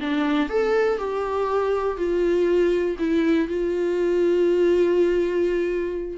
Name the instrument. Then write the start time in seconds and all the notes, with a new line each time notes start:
viola
0.00 D4
0.49 A4
0.98 G4
1.97 F4
2.99 E4
3.48 F4